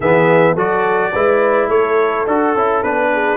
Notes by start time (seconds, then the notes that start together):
0.00 E3 B3 G#4 E5
0.54 F#3 F#4 A4 D5
1.11 G#3 E4 B4
1.68 A3 A4 C#5
2.26 D4 F#4 A4
2.54 C#4 E4
2.83 B3 D4 B4
3.12 G#4